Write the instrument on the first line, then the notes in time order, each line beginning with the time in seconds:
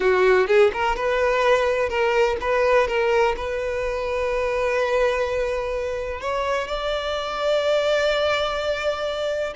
violin
0.00 F#4
0.47 G#4
0.73 A#4
0.95 B4
1.89 A#4
2.40 B4
2.87 A#4
3.36 B4
6.20 C#5
6.67 D5